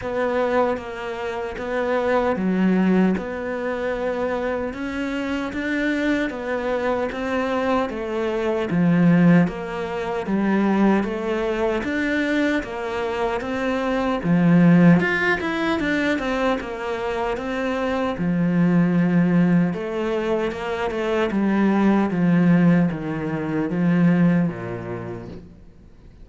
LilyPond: \new Staff \with { instrumentName = "cello" } { \time 4/4 \tempo 4 = 76 b4 ais4 b4 fis4 | b2 cis'4 d'4 | b4 c'4 a4 f4 | ais4 g4 a4 d'4 |
ais4 c'4 f4 f'8 e'8 | d'8 c'8 ais4 c'4 f4~ | f4 a4 ais8 a8 g4 | f4 dis4 f4 ais,4 | }